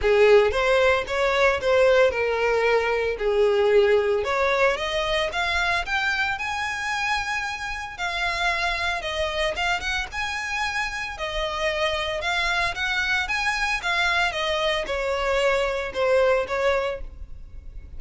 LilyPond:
\new Staff \with { instrumentName = "violin" } { \time 4/4 \tempo 4 = 113 gis'4 c''4 cis''4 c''4 | ais'2 gis'2 | cis''4 dis''4 f''4 g''4 | gis''2. f''4~ |
f''4 dis''4 f''8 fis''8 gis''4~ | gis''4 dis''2 f''4 | fis''4 gis''4 f''4 dis''4 | cis''2 c''4 cis''4 | }